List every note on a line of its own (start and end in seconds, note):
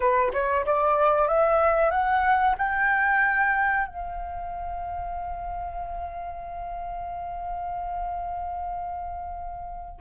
0.00 0.32 B4
0.33 0.65 C#5
0.65 1.27 D5
1.27 1.91 E5
1.91 2.55 F#5
2.58 3.87 G5
3.87 10.00 F5